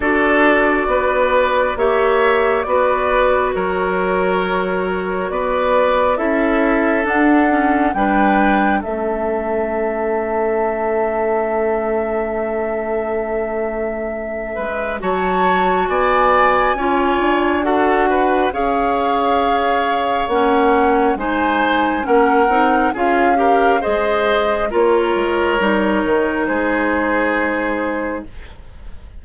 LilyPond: <<
  \new Staff \with { instrumentName = "flute" } { \time 4/4 \tempo 4 = 68 d''2 e''4 d''4 | cis''2 d''4 e''4 | fis''4 g''4 e''2~ | e''1~ |
e''4 a''4 gis''2 | fis''4 f''2 fis''4 | gis''4 fis''4 f''4 dis''4 | cis''2 c''2 | }
  \new Staff \with { instrumentName = "oboe" } { \time 4/4 a'4 b'4 cis''4 b'4 | ais'2 b'4 a'4~ | a'4 b'4 a'2~ | a'1~ |
a'8 b'8 cis''4 d''4 cis''4 | a'8 b'8 cis''2. | c''4 ais'4 gis'8 ais'8 c''4 | ais'2 gis'2 | }
  \new Staff \with { instrumentName = "clarinet" } { \time 4/4 fis'2 g'4 fis'4~ | fis'2. e'4 | d'8 cis'8 d'4 cis'2~ | cis'1~ |
cis'4 fis'2 f'4 | fis'4 gis'2 cis'4 | dis'4 cis'8 dis'8 f'8 g'8 gis'4 | f'4 dis'2. | }
  \new Staff \with { instrumentName = "bassoon" } { \time 4/4 d'4 b4 ais4 b4 | fis2 b4 cis'4 | d'4 g4 a2~ | a1~ |
a8 gis8 fis4 b4 cis'8 d'8~ | d'4 cis'2 ais4 | gis4 ais8 c'8 cis'4 gis4 | ais8 gis8 g8 dis8 gis2 | }
>>